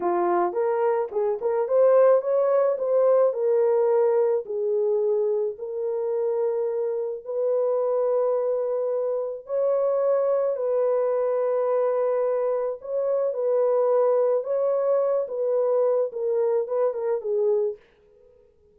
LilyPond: \new Staff \with { instrumentName = "horn" } { \time 4/4 \tempo 4 = 108 f'4 ais'4 gis'8 ais'8 c''4 | cis''4 c''4 ais'2 | gis'2 ais'2~ | ais'4 b'2.~ |
b'4 cis''2 b'4~ | b'2. cis''4 | b'2 cis''4. b'8~ | b'4 ais'4 b'8 ais'8 gis'4 | }